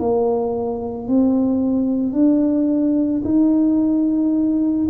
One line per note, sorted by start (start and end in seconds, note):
0.00 1.08 A#3
1.08 2.13 C4
2.13 3.22 D4
3.25 4.88 D#4